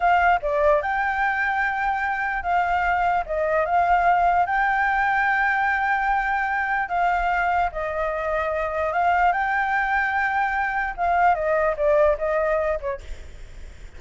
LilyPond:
\new Staff \with { instrumentName = "flute" } { \time 4/4 \tempo 4 = 148 f''4 d''4 g''2~ | g''2 f''2 | dis''4 f''2 g''4~ | g''1~ |
g''4 f''2 dis''4~ | dis''2 f''4 g''4~ | g''2. f''4 | dis''4 d''4 dis''4. cis''8 | }